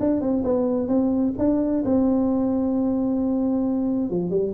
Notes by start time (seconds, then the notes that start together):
0.00 D4
0.21 C4
0.44 B3
0.88 C4
1.39 D4
1.85 C4
4.10 F3
4.31 G3